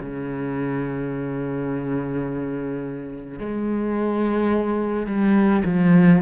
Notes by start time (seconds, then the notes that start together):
0.00 C#3
3.39 G#3
5.06 G3
5.64 F3